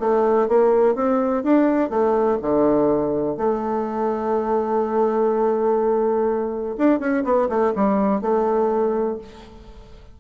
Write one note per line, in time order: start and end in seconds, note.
0.00 0.48 A3
0.48 0.95 A#3
0.95 1.44 C4
1.44 1.90 D4
1.90 2.39 A3
2.42 3.37 D3
3.37 6.76 A3
6.78 7.00 D4
7.00 7.24 C#4
7.24 7.49 B3
7.49 7.73 A3
7.76 8.22 G3
8.22 9.18 A3